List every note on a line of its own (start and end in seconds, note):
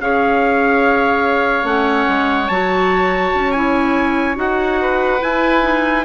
0.00 1.64 C#4
0.00 1.64 G#4
0.00 4.81 C#5
0.00 1.66 F5
1.64 2.05 A3
1.64 2.47 C#4
1.64 2.48 F#5
2.08 2.49 G#3
2.48 3.32 F#3
2.48 3.55 F#4
2.48 3.52 A5
3.34 4.37 C#4
3.52 4.35 E4
3.52 4.35 G#5
4.35 5.20 D#4
4.35 5.18 F#4
4.35 5.23 F#5
4.81 6.05 B4
5.19 5.61 E4
5.19 6.05 E4
5.19 6.05 G#5
5.61 6.03 D#4